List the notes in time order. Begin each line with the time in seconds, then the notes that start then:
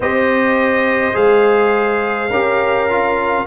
0.00 C4 G4 C5 D#5
1.13 G#3 G#4 F5
2.29 C#4 G4 A#4
2.89 F4